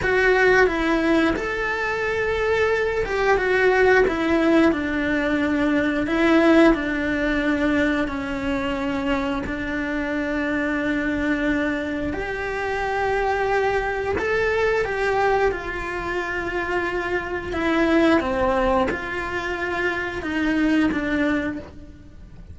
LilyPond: \new Staff \with { instrumentName = "cello" } { \time 4/4 \tempo 4 = 89 fis'4 e'4 a'2~ | a'8 g'8 fis'4 e'4 d'4~ | d'4 e'4 d'2 | cis'2 d'2~ |
d'2 g'2~ | g'4 a'4 g'4 f'4~ | f'2 e'4 c'4 | f'2 dis'4 d'4 | }